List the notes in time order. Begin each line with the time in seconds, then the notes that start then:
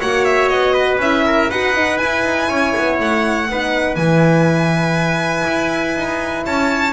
0.00 A#3 F#4 C#5 F#5
0.24 E5
0.48 B3 D#5
0.73 B4
0.97 C#4 E4 E5
1.25 A#4
1.50 D#4 F#4 B4 F#5
1.74 D#4
1.97 E4 G#5
2.24 D#4
2.49 C#4 C#5
2.77 B3
3.00 A3 F#5
3.49 B3 D#4 B4
3.95 E3 E4 G#5
5.47 E4
5.96 D#4
6.46 C#4 C#5 A5